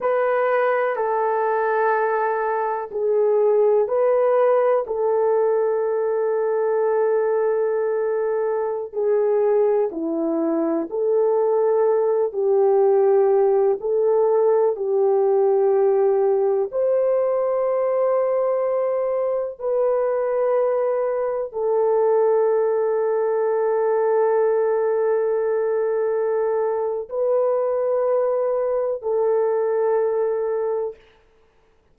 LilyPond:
\new Staff \with { instrumentName = "horn" } { \time 4/4 \tempo 4 = 62 b'4 a'2 gis'4 | b'4 a'2.~ | a'4~ a'16 gis'4 e'4 a'8.~ | a'8. g'4. a'4 g'8.~ |
g'4~ g'16 c''2~ c''8.~ | c''16 b'2 a'4.~ a'16~ | a'1 | b'2 a'2 | }